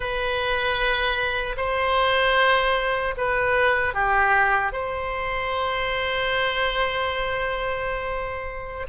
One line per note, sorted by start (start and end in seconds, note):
0.00 1.56 B4
1.56 3.14 C5
3.17 3.94 B4
3.94 4.72 G4
4.72 8.86 C5